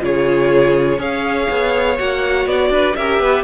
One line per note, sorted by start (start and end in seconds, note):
0.00 0.98 C#3
0.00 0.98 F4
0.00 0.99 G#4
0.00 1.01 C#5
0.98 1.47 C#4
0.98 1.97 G#4
0.98 2.71 C#5
0.98 1.98 F5
1.50 1.99 B3
1.98 2.46 A#3
1.98 2.97 F#4
1.98 2.47 F#5
2.46 2.70 B3
2.46 2.96 D5
2.70 2.94 D4
2.70 2.97 B4
2.96 3.20 C#4
2.96 3.44 G4
2.96 3.22 A#4
2.96 3.44 E5
3.20 3.44 B3
3.20 3.44 B4